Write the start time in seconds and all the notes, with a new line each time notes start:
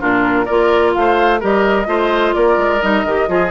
0.00 A#2 D4 F4 A#4
0.45 A#3 F4 A#4 D5
0.94 A3 C5 F5
1.40 G3 G4 A#4 D#5
1.86 A3 F4 C5
2.35 A#3 A#4 D5
2.58 G#3
2.81 G3 D#4 D#5
3.05 D#3 G4
3.29 F3 F4 G#4